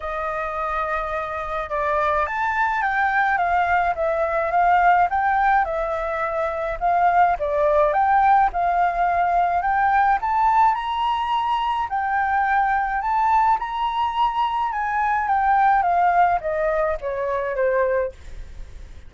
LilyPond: \new Staff \with { instrumentName = "flute" } { \time 4/4 \tempo 4 = 106 dis''2. d''4 | a''4 g''4 f''4 e''4 | f''4 g''4 e''2 | f''4 d''4 g''4 f''4~ |
f''4 g''4 a''4 ais''4~ | ais''4 g''2 a''4 | ais''2 gis''4 g''4 | f''4 dis''4 cis''4 c''4 | }